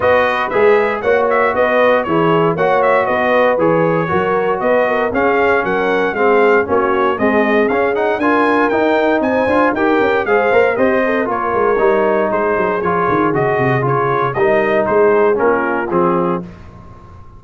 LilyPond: <<
  \new Staff \with { instrumentName = "trumpet" } { \time 4/4 \tempo 4 = 117 dis''4 e''4 fis''8 e''8 dis''4 | cis''4 fis''8 e''8 dis''4 cis''4~ | cis''4 dis''4 f''4 fis''4 | f''4 cis''4 dis''4 f''8 fis''8 |
gis''4 g''4 gis''4 g''4 | f''4 dis''4 cis''2 | c''4 cis''4 dis''4 cis''4 | dis''4 c''4 ais'4 gis'4 | }
  \new Staff \with { instrumentName = "horn" } { \time 4/4 b'2 cis''4 b'4 | gis'4 cis''4 b'2 | ais'4 b'8 ais'8 gis'4 ais'4 | gis'4 fis'4 gis'2 |
ais'2 c''4 ais'4 | c''4 g'8 a'8 ais'2 | gis'1 | ais'4 gis'4 f'2 | }
  \new Staff \with { instrumentName = "trombone" } { \time 4/4 fis'4 gis'4 fis'2 | e'4 fis'2 gis'4 | fis'2 cis'2 | c'4 cis'4 gis4 cis'8 dis'8 |
f'4 dis'4. f'8 g'4 | gis'8 ais'8 c''4 f'4 dis'4~ | dis'4 f'4 fis'4 f'4 | dis'2 cis'4 c'4 | }
  \new Staff \with { instrumentName = "tuba" } { \time 4/4 b4 gis4 ais4 b4 | e4 ais4 b4 e4 | fis4 b4 cis'4 fis4 | gis4 ais4 c'4 cis'4 |
d'4 dis'4 c'8 d'8 dis'8 cis'8 | gis8 ais8 c'4 ais8 gis8 g4 | gis8 fis8 f8 dis8 cis8 c8 cis4 | g4 gis4 ais4 f4 | }
>>